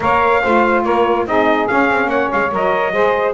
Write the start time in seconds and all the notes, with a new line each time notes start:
0.00 A#3 A#4 C#5 F5
0.41 A3 F4 C5
0.84 A#3 A#4 C#5
1.26 C4 D#4 G#4 D#5
1.67 C#4 F5
1.90 C4
2.06 A#3 C#5 F#5
2.32 G#3 F5
2.51 F#3 A#4 D#5
2.92 G#3 G#4 C5